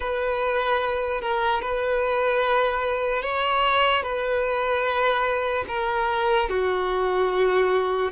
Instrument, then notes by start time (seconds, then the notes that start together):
violin
0.00 B4
1.21 A#4
1.61 B4
3.22 C#5
4.02 B4
5.68 A#4
6.49 F#4